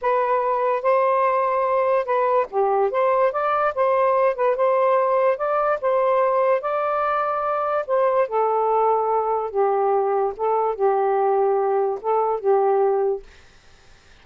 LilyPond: \new Staff \with { instrumentName = "saxophone" } { \time 4/4 \tempo 4 = 145 b'2 c''2~ | c''4 b'4 g'4 c''4 | d''4 c''4. b'8 c''4~ | c''4 d''4 c''2 |
d''2. c''4 | a'2. g'4~ | g'4 a'4 g'2~ | g'4 a'4 g'2 | }